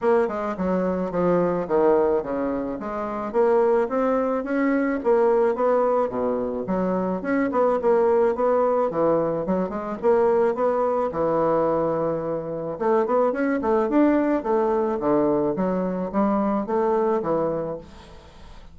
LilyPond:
\new Staff \with { instrumentName = "bassoon" } { \time 4/4 \tempo 4 = 108 ais8 gis8 fis4 f4 dis4 | cis4 gis4 ais4 c'4 | cis'4 ais4 b4 b,4 | fis4 cis'8 b8 ais4 b4 |
e4 fis8 gis8 ais4 b4 | e2. a8 b8 | cis'8 a8 d'4 a4 d4 | fis4 g4 a4 e4 | }